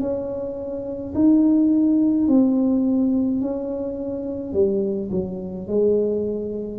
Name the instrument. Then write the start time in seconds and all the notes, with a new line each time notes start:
tuba
0.00 C#4
1.15 D#4
2.28 C4
3.41 C#4
4.53 G3
5.11 F#3
5.68 G#3